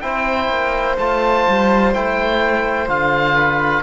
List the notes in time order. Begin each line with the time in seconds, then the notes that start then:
0.00 C4 E4 C5 G5
0.49 A#3
0.98 A3 F4 A5
1.48 G3
1.93 A3 E4 G5
2.87 D3 F4 F5
3.35 B4